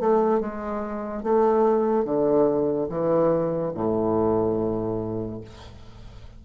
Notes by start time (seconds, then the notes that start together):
0.00 A3
0.40 G#3
1.23 A3
2.05 D3
2.89 E3
3.74 A2